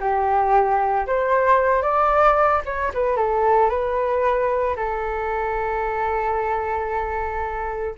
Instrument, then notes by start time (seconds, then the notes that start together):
flute
0.00 G4
1.06 C5
1.82 D5
2.65 C#5
2.94 B4
3.16 A4
3.69 B4
4.76 A4